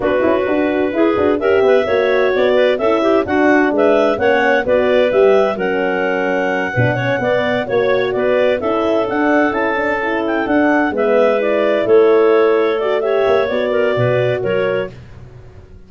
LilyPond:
<<
  \new Staff \with { instrumentName = "clarinet" } { \time 4/4 \tempo 4 = 129 b'2. e''4~ | e''4 d''4 e''4 fis''4 | e''4 fis''4 d''4 e''4 | fis''1~ |
fis''8 cis''4 d''4 e''4 fis''8~ | fis''8 a''4. g''8 fis''4 e''8~ | e''8 d''4 cis''2 d''8 | e''4 d''2 cis''4 | }
  \new Staff \with { instrumentName = "clarinet" } { \time 4/4 fis'2 gis'4 ais'8 b'8 | cis''4. b'8 a'8 g'8 fis'4 | b'4 cis''4 b'2 | ais'2~ ais'8 b'8 cis''8 d''8~ |
d''8 cis''4 b'4 a'4.~ | a'2.~ a'8 b'8~ | b'4. a'2~ a'8 | cis''4. ais'8 b'4 ais'4 | }
  \new Staff \with { instrumentName = "horn" } { \time 4/4 d'8 e'8 fis'4 e'8 fis'8 g'4 | fis'2 e'4 d'4~ | d'4 cis'4 fis'4 g'4 | cis'2~ cis'8 d'8 cis'8 b8~ |
b8 fis'2 e'4 d'8~ | d'8 e'8 d'8 e'4 d'4 b8~ | b8 e'2. fis'8 | g'4 fis'2. | }
  \new Staff \with { instrumentName = "tuba" } { \time 4/4 b8 cis'8 d'4 e'8 d'8 cis'8 b8 | ais4 b4 cis'4 d'4 | gis4 ais4 b4 g4 | fis2~ fis8 b,4 b8~ |
b8 ais4 b4 cis'4 d'8~ | d'8 cis'2 d'4 gis8~ | gis4. a2~ a8~ | a8 ais8 b4 b,4 fis4 | }
>>